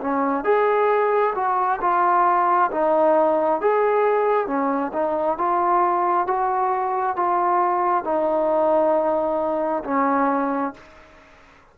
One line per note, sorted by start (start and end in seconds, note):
0.00 0.44 C#4
0.44 1.34 G#4
1.35 1.80 F#4
1.80 2.70 F4
2.71 3.61 D#4
3.61 4.47 G#4
4.47 4.91 C#4
4.93 5.37 D#4
5.37 6.27 F4
6.27 7.16 F#4
7.16 8.04 F4
8.04 9.83 D#4
9.84 10.73 C#4